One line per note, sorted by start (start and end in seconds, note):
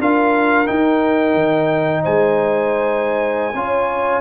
0.00 0.67 D4
0.00 0.67 F4
0.00 2.03 A#4
0.00 0.67 F5
0.67 3.53 D#4
0.67 1.34 D#4
0.67 2.02 G5
1.34 2.02 D#3
2.03 3.54 G#3
2.03 3.54 C5
2.03 4.21 G#5
3.54 4.21 C#4
3.54 4.21 F4
3.54 4.21 C#5